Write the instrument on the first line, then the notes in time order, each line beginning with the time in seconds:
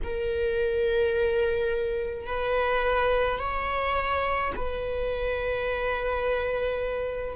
viola
0.03 A#4
2.26 B4
3.39 C#5
4.55 B4